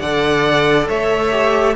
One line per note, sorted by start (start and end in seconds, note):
0.00 0.88 D3
0.00 1.32 A4
0.00 0.88 D5
0.00 0.87 F#5
0.88 1.76 A3
0.88 1.75 C#5
0.88 1.76 E5
1.32 1.75 G4